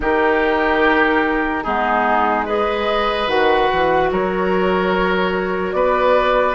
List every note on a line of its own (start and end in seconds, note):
0.00 1.65 D#3
0.00 1.63 D#4
0.00 1.63 G4
0.00 1.63 A#4
1.63 3.27 G#3
1.63 2.45 B3
1.63 2.45 D#4
1.63 2.45 G#4
2.45 3.27 G#4
2.45 4.09 B4
2.45 3.28 D#5
3.27 3.68 D#3
3.27 6.55 F#4
3.27 4.10 F#5
3.72 4.11 E3
4.11 5.73 F#3
4.11 5.75 A#4
4.11 5.72 C#5
5.72 6.55 B3
5.72 6.55 B4
5.72 6.54 D5